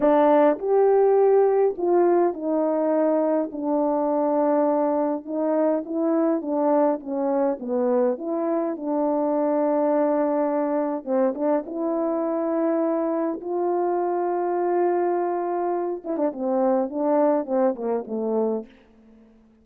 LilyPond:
\new Staff \with { instrumentName = "horn" } { \time 4/4 \tempo 4 = 103 d'4 g'2 f'4 | dis'2 d'2~ | d'4 dis'4 e'4 d'4 | cis'4 b4 e'4 d'4~ |
d'2. c'8 d'8 | e'2. f'4~ | f'2.~ f'8 e'16 d'16 | c'4 d'4 c'8 ais8 a4 | }